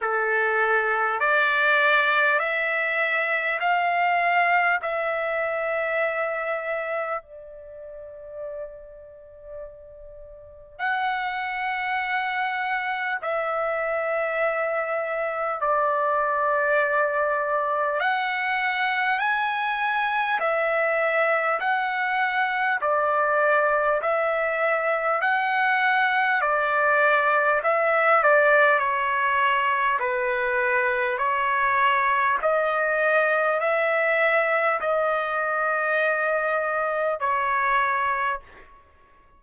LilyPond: \new Staff \with { instrumentName = "trumpet" } { \time 4/4 \tempo 4 = 50 a'4 d''4 e''4 f''4 | e''2 d''2~ | d''4 fis''2 e''4~ | e''4 d''2 fis''4 |
gis''4 e''4 fis''4 d''4 | e''4 fis''4 d''4 e''8 d''8 | cis''4 b'4 cis''4 dis''4 | e''4 dis''2 cis''4 | }